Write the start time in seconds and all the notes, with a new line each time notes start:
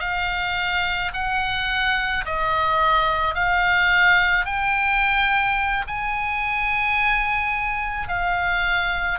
0.00 F5
1.14 F#5
2.25 D#5
3.34 F5
4.45 G5
5.87 G#5
8.08 F5